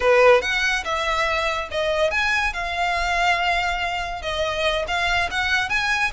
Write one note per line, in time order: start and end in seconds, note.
0.00 0.41 B4
0.41 0.84 F#5
0.84 1.68 E5
1.71 2.10 D#5
2.10 2.53 G#5
2.53 4.22 F5
4.22 4.85 D#5
4.87 5.29 F5
5.30 5.69 F#5
5.69 6.11 G#5